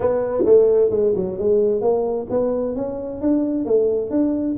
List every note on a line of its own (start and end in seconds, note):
0.00 0.44 B3
0.45 0.90 A3
0.90 1.13 G#3
1.15 1.38 F#3
1.38 1.81 G#3
1.81 2.27 A#3
2.30 2.75 B3
2.75 3.21 C#4
3.21 3.65 D4
3.65 4.10 A3
4.10 4.56 D4